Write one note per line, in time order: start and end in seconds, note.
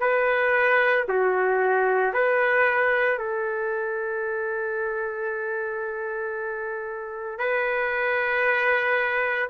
0.00 1.05 B4
1.08 2.13 F#4
2.13 3.18 B4
3.18 7.39 A4
7.39 9.49 B4